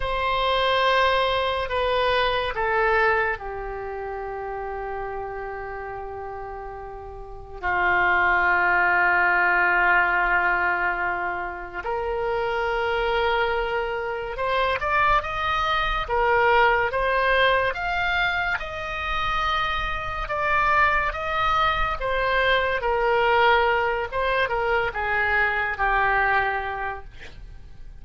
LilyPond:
\new Staff \with { instrumentName = "oboe" } { \time 4/4 \tempo 4 = 71 c''2 b'4 a'4 | g'1~ | g'4 f'2.~ | f'2 ais'2~ |
ais'4 c''8 d''8 dis''4 ais'4 | c''4 f''4 dis''2 | d''4 dis''4 c''4 ais'4~ | ais'8 c''8 ais'8 gis'4 g'4. | }